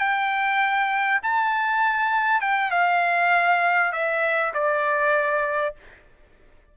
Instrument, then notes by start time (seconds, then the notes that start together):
trumpet
0.00 G5
1.23 A5
2.41 G5
2.71 F5
3.93 E5
4.54 D5